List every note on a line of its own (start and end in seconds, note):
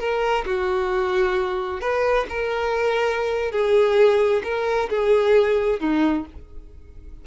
0.00 0.45 A#4
0.46 1.81 F#4
1.81 2.27 B4
2.30 3.52 A#4
3.52 4.43 G#4
4.44 4.90 A#4
4.90 5.80 G#4
5.80 6.26 D#4